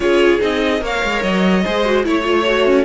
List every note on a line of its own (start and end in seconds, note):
0.00 0.39 C#4
0.00 0.39 F4
0.00 0.82 G#4
0.00 0.41 C#5
0.39 0.81 C4
0.39 0.80 D#4
0.39 0.83 D#5
0.80 1.01 A#3
0.80 1.62 A#4
0.80 1.64 C#5
0.80 1.22 F5
1.03 1.23 G#3
1.22 1.64 F#3
1.22 2.04 D#5
1.64 2.06 G#3
1.64 1.85 G#4
1.64 2.05 C5
1.85 2.04 F#4
2.04 2.84 A3
2.04 2.23 E4
2.04 2.65 C#5
2.04 2.84 C#5
2.23 2.43 F4
2.45 2.84 F#4
2.65 2.84 C#4